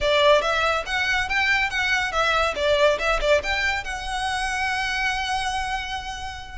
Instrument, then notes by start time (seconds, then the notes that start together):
violin
0.00 D5
0.41 E5
0.86 F#5
1.28 G5
1.70 F#5
2.12 E5
2.55 D5
2.98 E5
3.21 D5
3.43 G5
3.84 F#5